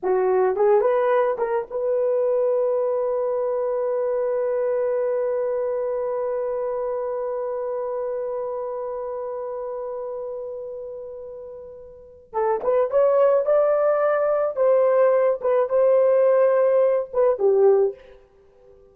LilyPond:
\new Staff \with { instrumentName = "horn" } { \time 4/4 \tempo 4 = 107 fis'4 gis'8 b'4 ais'8 b'4~ | b'1~ | b'1~ | b'1~ |
b'1~ | b'2 a'8 b'8 cis''4 | d''2 c''4. b'8 | c''2~ c''8 b'8 g'4 | }